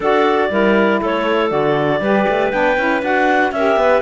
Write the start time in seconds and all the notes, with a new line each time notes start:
0.00 D4 F#4 A4 D5
0.49 G3 E4 A#4
1.00 A3 A4 C#5
1.49 D3 F#4 D5
2.00 G3 G4 B4
2.28 A3
2.50 B3 D4 G5
2.77 C#4 E4
3.01 D4 F#4 F#5
3.51 C#4 G4 A#4 E5
3.76 B3 B4